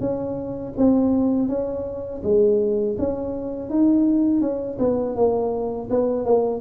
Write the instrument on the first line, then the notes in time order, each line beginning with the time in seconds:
tuba
0.00 C#4
0.77 C4
1.48 C#4
2.23 G#3
2.99 C#4
3.70 D#4
4.41 C#4
4.79 B3
5.16 A#3
5.90 B3
6.25 A#3